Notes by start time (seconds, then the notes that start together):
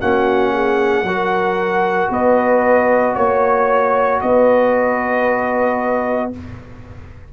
0.00 A#3 C#4 F#4 F#5
0.53 G#4
1.03 F#3 F#4 A#4
2.10 B3 B4 D#5
3.15 A#3 C#5
4.21 B3 B4 D#5